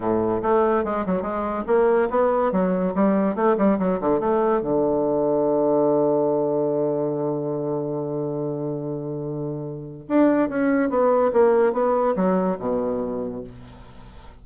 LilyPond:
\new Staff \with { instrumentName = "bassoon" } { \time 4/4 \tempo 4 = 143 a,4 a4 gis8 fis8 gis4 | ais4 b4 fis4 g4 | a8 g8 fis8 d8 a4 d4~ | d1~ |
d1~ | d1 | d'4 cis'4 b4 ais4 | b4 fis4 b,2 | }